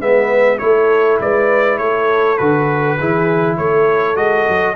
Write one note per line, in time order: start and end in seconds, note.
0.00 0.59 G#3
0.00 0.59 B3
0.00 0.60 B4
0.00 0.59 E5
0.59 1.20 A3
0.59 2.37 E4
0.59 1.22 A4
0.59 1.18 C#5
1.21 1.79 G#3
1.21 1.79 B4
1.21 1.78 D5
1.78 2.38 A3
1.78 2.98 A4
1.78 2.37 C#5
2.37 2.99 D3
2.37 2.99 F#4
2.37 3.56 B4
2.98 3.58 E3
2.98 4.16 E4
2.98 3.58 G#4
3.58 4.17 A3
3.58 4.76 A4
3.58 4.17 C#5
4.16 4.47 G#3
4.16 4.75 F#4
4.16 4.76 D#5
4.48 4.76 F#3